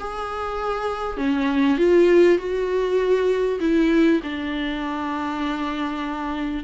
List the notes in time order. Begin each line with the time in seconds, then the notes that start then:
0.00 G#4
1.18 C#4
1.78 F4
2.38 F#4
3.61 E4
4.23 D4